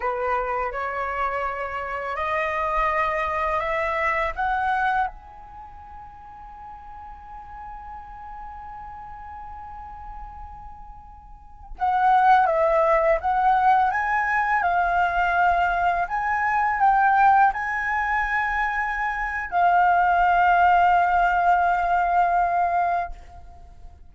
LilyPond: \new Staff \with { instrumentName = "flute" } { \time 4/4 \tempo 4 = 83 b'4 cis''2 dis''4~ | dis''4 e''4 fis''4 gis''4~ | gis''1~ | gis''1~ |
gis''16 fis''4 e''4 fis''4 gis''8.~ | gis''16 f''2 gis''4 g''8.~ | g''16 gis''2~ gis''8. f''4~ | f''1 | }